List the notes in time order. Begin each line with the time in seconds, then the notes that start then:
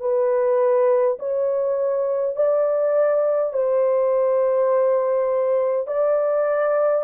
0.00 B4
1.19 C#5
2.36 D5
3.53 C5
5.87 D5